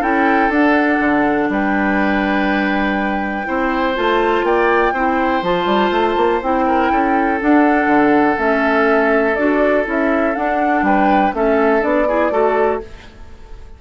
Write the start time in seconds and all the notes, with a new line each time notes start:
0.00 C#4 E4 A4 G5
0.49 D4 F#5
0.99 D3
1.49 G3 B4 G5
3.44 C4 E4 C5
3.95 A3 F4 A5
4.43 A#3 D5 G5
4.92 C4 E4 C5
5.42 F3 F4 A5
5.65 G3
5.91 A3
6.16 A#3
6.41 C4 E4 G5
6.67 A#4
6.91 C#4 A4
7.40 D4 F#5
7.86 D3
8.36 A3 C#4 E5
9.35 D4 F#4 D5
9.84 C#4 E4 E5
10.35 D4 F#5
10.82 G3 B4 G5
11.33 A3 C#4 A4 E5
11.80 B3 D4 D5
12.08 E4 G#4
12.31 A3 F#4 A4